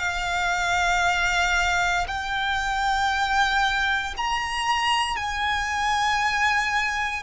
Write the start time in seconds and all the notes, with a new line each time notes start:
0.00 F5
2.08 G5
4.18 A#5
5.16 G#5